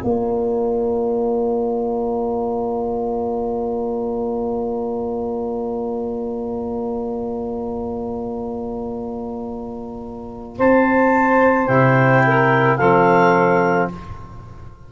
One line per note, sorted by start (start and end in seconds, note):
0.00 10.59 A#3
0.00 11.68 F4
0.00 10.56 D5
0.00 10.57 A#5
10.58 11.69 C4
10.58 12.25 C5
10.58 11.67 A5
11.67 12.80 C3
11.67 12.79 E4
11.67 12.77 G5
12.26 12.78 A#4
12.77 13.91 F3
12.77 13.92 C4
12.77 13.89 A4
12.77 13.88 F5